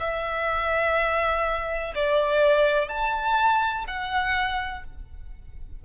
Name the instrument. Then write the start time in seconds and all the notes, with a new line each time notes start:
violin
0.00 E5
1.95 D5
2.89 A5
3.88 F#5